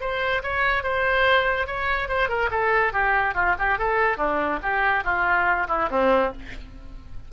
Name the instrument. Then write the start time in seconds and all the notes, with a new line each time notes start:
oboe
0.00 C5
0.43 C#5
0.83 C5
1.66 C#5
2.08 C5
2.28 A#4
2.50 A4
2.92 G4
3.34 F4
3.58 G4
3.78 A4
4.17 D4
4.62 G4
5.04 F4
5.67 E4
5.90 C4